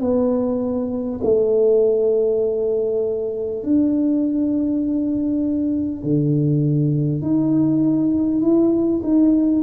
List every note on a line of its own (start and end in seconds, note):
0.00 1.20 B3
1.23 3.63 A3
3.63 6.03 D4
6.03 7.21 D3
7.21 8.41 D#4
8.41 9.01 E4
9.03 9.62 D#4